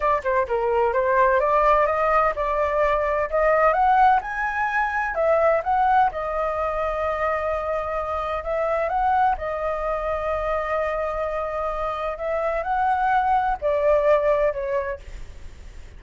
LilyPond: \new Staff \with { instrumentName = "flute" } { \time 4/4 \tempo 4 = 128 d''8 c''8 ais'4 c''4 d''4 | dis''4 d''2 dis''4 | fis''4 gis''2 e''4 | fis''4 dis''2.~ |
dis''2 e''4 fis''4 | dis''1~ | dis''2 e''4 fis''4~ | fis''4 d''2 cis''4 | }